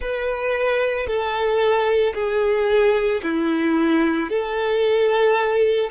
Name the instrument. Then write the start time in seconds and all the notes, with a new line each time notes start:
violin
0.00 B4
1.06 A4
2.14 G#4
3.23 E4
4.29 A4